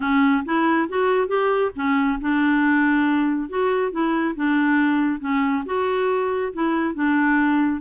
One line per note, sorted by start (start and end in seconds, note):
0.00 0.43 C#4
0.45 0.88 E4
0.88 1.27 F#4
1.27 1.71 G4
1.75 2.19 C#4
2.21 3.49 D4
3.49 3.91 F#4
3.91 4.35 E4
4.35 5.20 D4
5.20 5.63 C#4
5.65 6.52 F#4
6.53 6.94 E4
6.94 7.81 D4